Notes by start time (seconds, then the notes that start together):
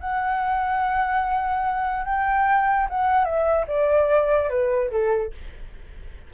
0.00 F#5
2.05 G5
2.90 F#5
3.24 E5
3.67 D5
4.49 B4
4.91 A4